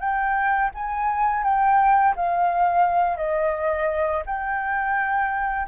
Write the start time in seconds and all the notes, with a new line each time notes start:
0.00 G5
0.75 G#5
1.44 G5
2.16 F5
3.17 D#5
4.26 G5